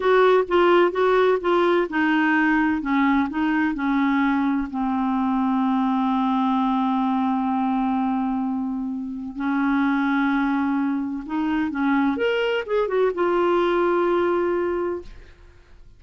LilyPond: \new Staff \with { instrumentName = "clarinet" } { \time 4/4 \tempo 4 = 128 fis'4 f'4 fis'4 f'4 | dis'2 cis'4 dis'4 | cis'2 c'2~ | c'1~ |
c'1 | cis'1 | dis'4 cis'4 ais'4 gis'8 fis'8 | f'1 | }